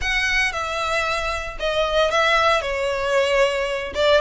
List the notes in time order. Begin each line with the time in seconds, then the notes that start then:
0.01 F#5
0.52 E5
1.59 D#5
2.11 E5
2.61 C#5
3.94 D5